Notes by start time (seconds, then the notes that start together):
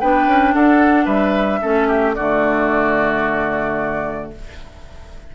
0.00 B3 D4 B4 G5
0.27 C#4
0.54 D4 A4 F#5
1.05 G3 B4 E5
1.62 A3 C#4 A4
1.88 G4
2.14 D3 A3 F#4 D5